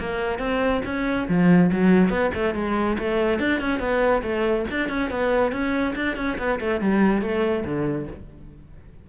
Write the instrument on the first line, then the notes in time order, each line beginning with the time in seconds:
cello
0.00 A#3
0.39 C4
0.85 C#4
1.29 F3
1.73 F#3
2.10 B3
2.35 A3
2.55 G#3
2.99 A3
3.39 D4
3.61 C#4
3.80 B3
4.23 A3
4.71 D4
4.89 C#4
5.11 B3
5.52 C#4
5.96 D4
6.17 C#4
6.39 B3
6.60 A3
6.81 G3
7.22 A3
7.65 D3